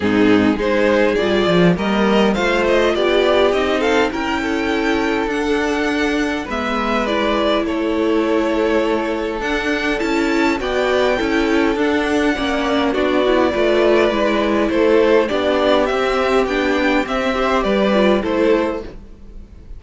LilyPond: <<
  \new Staff \with { instrumentName = "violin" } { \time 4/4 \tempo 4 = 102 gis'4 c''4 d''4 dis''4 | f''8 dis''8 d''4 dis''8 f''8 g''4~ | g''4 fis''2 e''4 | d''4 cis''2. |
fis''4 a''4 g''2 | fis''2 d''2~ | d''4 c''4 d''4 e''4 | g''4 e''4 d''4 c''4 | }
  \new Staff \with { instrumentName = "violin" } { \time 4/4 dis'4 gis'2 ais'4 | c''4 g'4. a'8 ais'8 a'8~ | a'2. b'4~ | b'4 a'2.~ |
a'2 d''4 a'4~ | a'4 d''4 fis'4 b'4~ | b'4 a'4 g'2~ | g'4. c''8 b'4 a'4 | }
  \new Staff \with { instrumentName = "viola" } { \time 4/4 c'4 dis'4 f'4 ais4 | f'2 dis'4 e'4~ | e'4 d'2 b4 | e'1 |
d'4 e'4 fis'4 e'4 | d'4 cis'4 d'8 e'8 f'4 | e'2 d'4 c'4 | d'4 c'8 g'4 f'8 e'4 | }
  \new Staff \with { instrumentName = "cello" } { \time 4/4 gis,4 gis4 g8 f8 g4 | a4 b4 c'4 cis'4~ | cis'4 d'2 gis4~ | gis4 a2. |
d'4 cis'4 b4 cis'4 | d'4 ais4 b4 a4 | gis4 a4 b4 c'4 | b4 c'4 g4 a4 | }
>>